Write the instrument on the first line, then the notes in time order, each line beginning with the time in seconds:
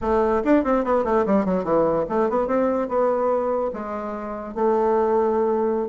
bassoon
0.01 A3
0.44 D4
0.63 C4
0.84 B3
1.04 A3
1.26 G3
1.45 F#3
1.63 E3
2.09 A3
2.29 B3
2.47 C4
2.88 B3
3.73 G#3
4.54 A3